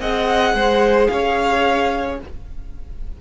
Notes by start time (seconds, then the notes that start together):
0.00 C4 G#4 D#5 F#5
0.54 G#3 C5
1.07 C#4 C#5 F5